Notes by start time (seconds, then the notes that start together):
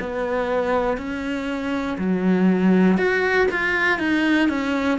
0.00 B3
0.97 C#4
1.98 F#3
2.97 F#4
3.51 F4
3.99 D#4
4.49 C#4